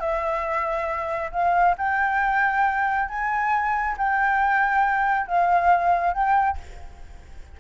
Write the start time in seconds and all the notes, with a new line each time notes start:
0.00 E5
1.32 F5
1.78 G5
3.09 G#5
3.98 G5
5.27 F5
6.14 G5